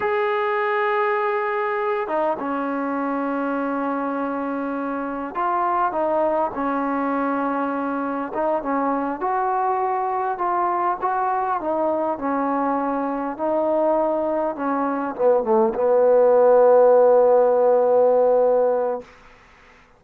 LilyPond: \new Staff \with { instrumentName = "trombone" } { \time 4/4 \tempo 4 = 101 gis'2.~ gis'8 dis'8 | cis'1~ | cis'4 f'4 dis'4 cis'4~ | cis'2 dis'8 cis'4 fis'8~ |
fis'4. f'4 fis'4 dis'8~ | dis'8 cis'2 dis'4.~ | dis'8 cis'4 b8 a8 b4.~ | b1 | }